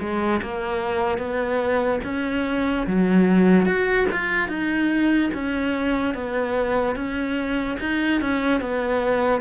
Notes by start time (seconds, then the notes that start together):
0.00 G#3
0.42 A#3
1.18 B3
2.04 C#4
2.87 F#3
3.66 F#4
4.12 F4
4.48 D#4
5.34 C#4
6.15 B3
6.96 C#4
7.80 D#4
8.21 C#4
8.61 B3